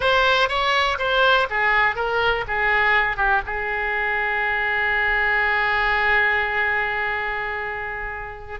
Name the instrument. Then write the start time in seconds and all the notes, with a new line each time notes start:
oboe
0.00 C5
0.49 C#5
0.98 C5
1.50 G#4
1.95 A#4
2.47 G#4
3.17 G4
3.46 G#4